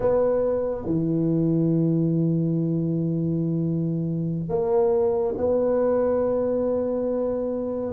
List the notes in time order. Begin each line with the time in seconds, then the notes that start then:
0.00 B3
0.85 E3
4.48 A#3
5.37 B3